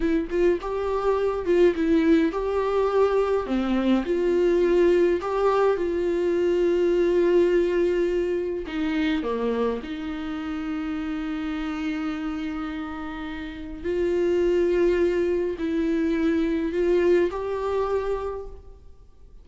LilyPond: \new Staff \with { instrumentName = "viola" } { \time 4/4 \tempo 4 = 104 e'8 f'8 g'4. f'8 e'4 | g'2 c'4 f'4~ | f'4 g'4 f'2~ | f'2. dis'4 |
ais4 dis'2.~ | dis'1 | f'2. e'4~ | e'4 f'4 g'2 | }